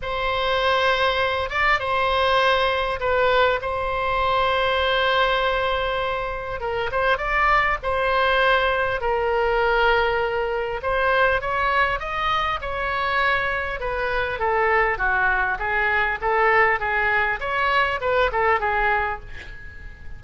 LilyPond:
\new Staff \with { instrumentName = "oboe" } { \time 4/4 \tempo 4 = 100 c''2~ c''8 d''8 c''4~ | c''4 b'4 c''2~ | c''2. ais'8 c''8 | d''4 c''2 ais'4~ |
ais'2 c''4 cis''4 | dis''4 cis''2 b'4 | a'4 fis'4 gis'4 a'4 | gis'4 cis''4 b'8 a'8 gis'4 | }